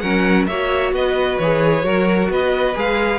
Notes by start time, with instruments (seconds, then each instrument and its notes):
0.00 cello F#3, viola C#4, violin A#4 F#5
0.47 cello A#3, viola F#4, violin C#5 E5
0.92 cello B3, violin B4 D#5
1.38 cello E3, viola G#4, violin C#5
1.84 cello F#3, viola F#4, violin A#4
2.30 cello B3, violin B4 D#5
2.75 cello G#3, viola G#4, violin F5